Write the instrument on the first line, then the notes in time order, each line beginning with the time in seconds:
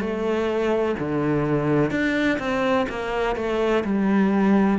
cello
0.00 A3
0.99 D3
1.91 D4
2.39 C4
2.89 A#3
3.36 A3
3.84 G3